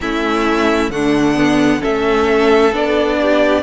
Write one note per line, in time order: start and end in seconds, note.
0.01 0.89 A3
0.01 0.91 C#4
0.01 0.92 E4
0.01 0.91 E5
0.89 1.80 D3
0.89 1.34 A3
0.89 1.80 D4
0.89 1.82 F#5
1.34 1.80 B3
1.80 2.72 A3
1.80 2.71 C#4
1.80 3.16 A4
1.80 2.74 E5
2.72 3.62 B3
2.72 3.62 D4
2.72 3.62 D5
3.21 3.62 G4